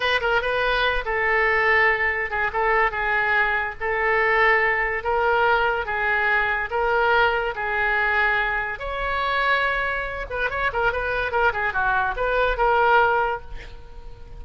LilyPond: \new Staff \with { instrumentName = "oboe" } { \time 4/4 \tempo 4 = 143 b'8 ais'8 b'4. a'4.~ | a'4. gis'8 a'4 gis'4~ | gis'4 a'2. | ais'2 gis'2 |
ais'2 gis'2~ | gis'4 cis''2.~ | cis''8 b'8 cis''8 ais'8 b'4 ais'8 gis'8 | fis'4 b'4 ais'2 | }